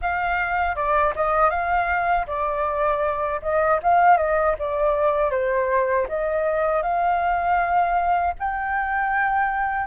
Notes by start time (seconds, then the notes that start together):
0.01 F5
0.75 D5
1.15 D#5
1.49 F5
2.26 D5
3.42 D#5
3.83 F5
4.17 D#5
4.58 D5
5.30 C5
6.08 D#5
6.82 F5
8.39 G5